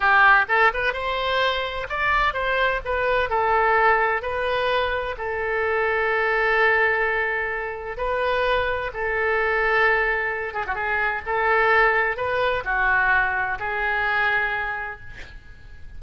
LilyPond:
\new Staff \with { instrumentName = "oboe" } { \time 4/4 \tempo 4 = 128 g'4 a'8 b'8 c''2 | d''4 c''4 b'4 a'4~ | a'4 b'2 a'4~ | a'1~ |
a'4 b'2 a'4~ | a'2~ a'8 gis'16 fis'16 gis'4 | a'2 b'4 fis'4~ | fis'4 gis'2. | }